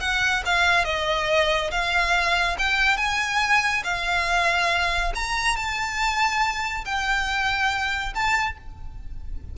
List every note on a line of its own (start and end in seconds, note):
0.00 0.43 F#5
0.46 0.85 F5
0.85 1.70 D#5
1.71 2.57 F5
2.59 2.97 G5
2.97 3.83 G#5
3.84 5.12 F5
5.15 5.56 A#5
5.56 6.85 A5
6.85 8.14 G5
8.14 8.57 A5